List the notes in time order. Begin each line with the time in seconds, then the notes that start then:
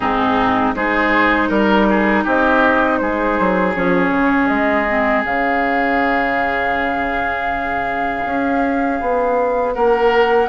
0.00 G#2 C4 D#4 G#4
0.74 G#3 D#4 G#4 C5
1.49 G3 A#4
1.89 G#4
2.23 C4 G4 D#5
2.98 G#3 G#4 C5
3.39 F#3
3.74 F3 C#4 C#5
4.10 C#3
4.47 G#3 D#5
4.88 C4
5.25 C#3 C#4 F5
8.25 C#4
9.00 B3
9.74 A#3 A#4 F#5